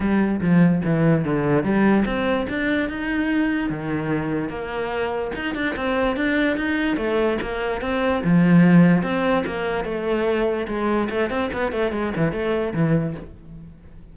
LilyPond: \new Staff \with { instrumentName = "cello" } { \time 4/4 \tempo 4 = 146 g4 f4 e4 d4 | g4 c'4 d'4 dis'4~ | dis'4 dis2 ais4~ | ais4 dis'8 d'8 c'4 d'4 |
dis'4 a4 ais4 c'4 | f2 c'4 ais4 | a2 gis4 a8 c'8 | b8 a8 gis8 e8 a4 e4 | }